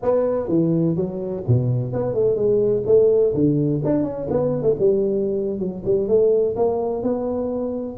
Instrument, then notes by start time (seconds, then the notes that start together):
tuba
0.02 B3
0.48 E3
0.96 F#3
1.47 B2
1.92 B3
2.14 A3
2.35 G#3
2.85 A3
3.34 D3
3.84 D4
4.03 C#4
4.30 B3
4.62 A3
4.79 G3
5.59 F#3
5.85 G3
6.08 A3
6.56 A#3
7.03 B3